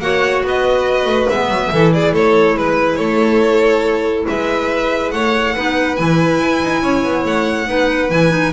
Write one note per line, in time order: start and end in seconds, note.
0.00 0.43 A#3
0.00 1.29 F#4
0.00 0.46 C#5
0.00 0.43 F#5
0.43 1.06 B3
0.43 1.73 B4
0.43 1.29 D#5
1.06 1.27 A3
1.29 1.49 G#3
1.29 1.74 B3
1.29 1.93 E5
1.49 1.70 F#3
1.72 2.14 E3
1.72 5.57 E4
1.72 1.94 A4
1.93 2.14 G#4
1.93 2.15 D5
2.14 2.56 A3
2.14 2.56 A4
2.14 2.58 C#5
2.56 2.98 G#3
2.56 2.99 B4
2.56 2.96 B4
2.96 4.26 A3
2.96 4.27 A4
2.96 4.24 C#5
4.28 5.13 G#3
4.28 5.14 B4
4.28 5.11 E5
5.11 5.55 A3
5.11 5.55 C#5
5.11 5.96 F#5
5.55 6.00 B3
5.55 5.98 D#4
5.55 6.83 B4
5.96 6.41 E3
5.96 7.67 E4
5.96 7.24 G#5
6.41 6.62 E4
6.63 6.83 D#4
6.83 7.04 C#4
6.83 7.69 C#5
7.04 7.25 B3
7.25 7.68 A3
7.25 8.11 F#5
7.67 8.10 B3
7.67 8.09 D#4
7.67 8.53 B4
8.10 8.53 E3
8.10 8.30 E4
8.10 8.53 G#5
8.30 8.52 D#4